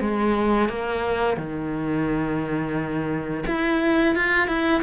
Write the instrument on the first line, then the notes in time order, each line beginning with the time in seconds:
cello
0.00 G#3
0.68 A#3
1.37 D#3
3.46 E4
4.15 F4
4.47 E4